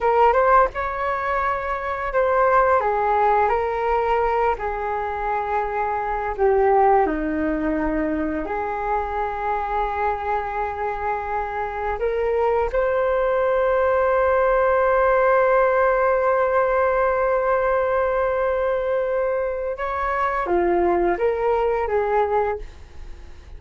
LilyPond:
\new Staff \with { instrumentName = "flute" } { \time 4/4 \tempo 4 = 85 ais'8 c''8 cis''2 c''4 | gis'4 ais'4. gis'4.~ | gis'4 g'4 dis'2 | gis'1~ |
gis'4 ais'4 c''2~ | c''1~ | c''1 | cis''4 f'4 ais'4 gis'4 | }